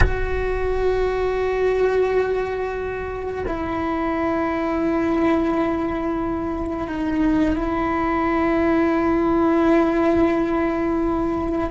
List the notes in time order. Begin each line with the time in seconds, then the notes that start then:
0.00 F#4
3.47 E4
6.87 D#4
7.56 E4